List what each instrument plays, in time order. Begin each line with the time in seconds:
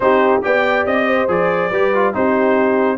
0.00 tuba C4, trombone D#4, horn G4, trumpet C5
0.42 tuba B3, trombone G4, horn D5, trumpet G5
0.85 tuba C4, trumpet D#5
1.07 horn C5
1.27 tuba F3, trombone G#4, trumpet D5
1.70 tuba G3, trombone G4, horn B4
1.94 trombone F4
2.13 tuba C4, trombone D#4, horn G4, trumpet C5